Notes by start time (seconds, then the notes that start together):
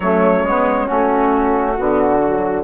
0.00 F#3 A3 C#4 C#5
0.43 G#3 B3
0.86 A3 C#4 F#4
1.76 D3 B3 F#4
2.23 F#3